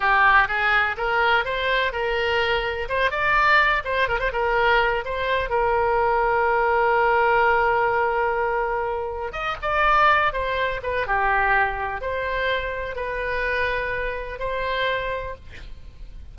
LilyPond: \new Staff \with { instrumentName = "oboe" } { \time 4/4 \tempo 4 = 125 g'4 gis'4 ais'4 c''4 | ais'2 c''8 d''4. | c''8 ais'16 c''16 ais'4. c''4 ais'8~ | ais'1~ |
ais'2.~ ais'8 dis''8 | d''4. c''4 b'8 g'4~ | g'4 c''2 b'4~ | b'2 c''2 | }